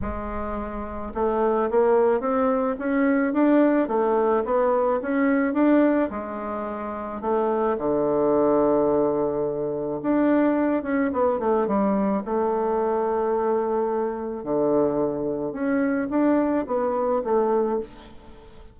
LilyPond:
\new Staff \with { instrumentName = "bassoon" } { \time 4/4 \tempo 4 = 108 gis2 a4 ais4 | c'4 cis'4 d'4 a4 | b4 cis'4 d'4 gis4~ | gis4 a4 d2~ |
d2 d'4. cis'8 | b8 a8 g4 a2~ | a2 d2 | cis'4 d'4 b4 a4 | }